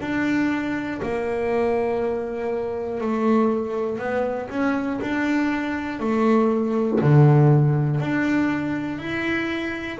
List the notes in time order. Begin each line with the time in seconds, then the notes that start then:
0.00 D4
1.02 A#3
3.00 A3
3.99 B3
4.49 C#4
5.01 D4
6.00 A3
7.00 D3
8.00 D4
8.98 E4